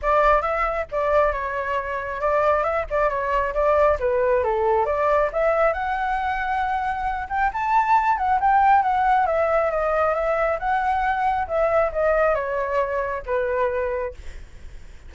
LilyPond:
\new Staff \with { instrumentName = "flute" } { \time 4/4 \tempo 4 = 136 d''4 e''4 d''4 cis''4~ | cis''4 d''4 e''8 d''8 cis''4 | d''4 b'4 a'4 d''4 | e''4 fis''2.~ |
fis''8 g''8 a''4. fis''8 g''4 | fis''4 e''4 dis''4 e''4 | fis''2 e''4 dis''4 | cis''2 b'2 | }